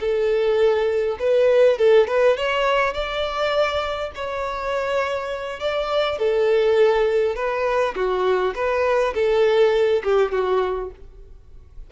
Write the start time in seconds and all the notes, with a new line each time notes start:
0.00 A4
1.19 B4
1.78 A4
2.07 B4
2.37 C#5
2.94 D5
4.15 C#5
5.60 D5
6.18 A4
7.35 B4
7.95 F#4
8.55 B4
9.14 A4
10.03 G4
10.32 F#4